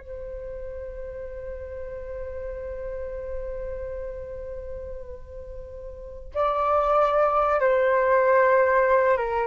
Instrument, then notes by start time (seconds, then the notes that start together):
flute
0.00 C5
6.35 D5
7.60 C5
9.18 A#4